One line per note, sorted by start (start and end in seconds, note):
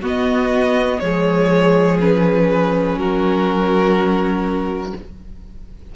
0.00 1.00 B3
0.00 1.01 B3
0.00 0.98 F#4
0.07 0.99 D#5
0.99 2.96 F3
0.99 2.00 G#3
0.99 2.98 G#4
0.99 1.98 C#5
2.00 4.95 C#4
2.00 2.98 B4
2.96 4.93 F#3
2.96 4.95 F#4
2.96 4.95 A#4